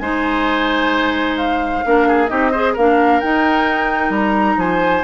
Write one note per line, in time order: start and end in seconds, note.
0.00 1.84 G#3
0.00 1.85 D#4
0.00 1.85 C5
0.00 1.37 G#5
1.38 2.28 F5
1.85 2.31 A#3
1.85 2.29 D4
1.85 2.08 A#4
2.08 2.31 G#4
2.28 2.77 C4
2.28 2.52 D#4
2.28 2.52 G4
2.28 2.74 D#5
2.52 2.78 G#4
2.52 2.74 C5
2.74 3.23 A#3
2.74 3.23 D4
2.74 4.57 A#4
2.74 3.21 F5
3.21 5.05 D#4
3.21 4.10 D#4
3.21 4.12 G5
4.10 4.56 G3
4.10 4.60 A#5
4.57 5.03 F3
4.57 5.05 C5
4.57 5.05 G#5